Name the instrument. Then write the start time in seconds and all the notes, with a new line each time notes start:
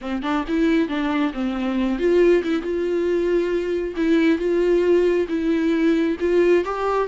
viola
0.01 C4
0.22 D4
0.48 E4
0.88 D4
1.33 C4
1.98 F4
2.43 E4
2.61 F4
3.96 E4
4.38 F4
5.28 E4
6.20 F4
6.64 G4